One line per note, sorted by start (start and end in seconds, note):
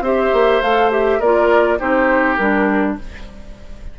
0.00 0.29 C4
0.00 0.62 G4
0.00 1.19 C5
0.00 0.61 E5
0.32 0.61 A#3
0.61 1.20 A3
0.61 0.91 A4
0.61 0.90 F5
0.91 1.20 G4
0.91 1.20 E5
1.19 1.79 A#3
1.19 1.78 F4
1.19 1.77 A#4
1.19 1.79 D5
1.78 2.38 C4
1.78 2.37 D#4
1.78 2.96 G4
1.78 2.36 C5
2.36 2.97 G3
2.36 2.98 D4
2.36 2.95 A#4